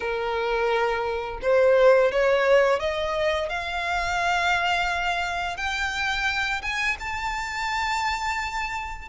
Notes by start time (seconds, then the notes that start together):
0.00 A#4
1.41 C5
2.11 C#5
2.79 D#5
3.49 F5
5.57 G5
6.62 G#5
6.99 A5